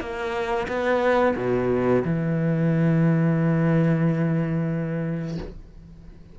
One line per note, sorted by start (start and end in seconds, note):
0.00 0.67 A#3
0.68 1.34 B3
1.36 2.02 B2
2.04 5.38 E3